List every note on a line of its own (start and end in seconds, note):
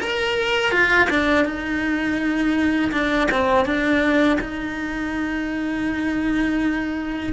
0.00 0.72 A#4
0.72 1.08 F4
1.09 1.45 D4
1.45 2.91 D#4
2.92 3.28 D4
3.32 3.66 C4
3.66 4.39 D4
4.41 7.33 D#4